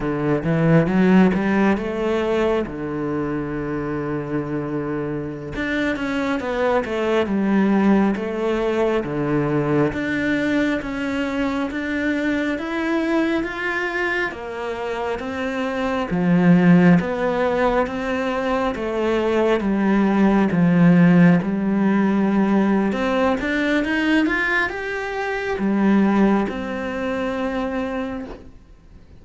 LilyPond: \new Staff \with { instrumentName = "cello" } { \time 4/4 \tempo 4 = 68 d8 e8 fis8 g8 a4 d4~ | d2~ d16 d'8 cis'8 b8 a16~ | a16 g4 a4 d4 d'8.~ | d'16 cis'4 d'4 e'4 f'8.~ |
f'16 ais4 c'4 f4 b8.~ | b16 c'4 a4 g4 f8.~ | f16 g4.~ g16 c'8 d'8 dis'8 f'8 | g'4 g4 c'2 | }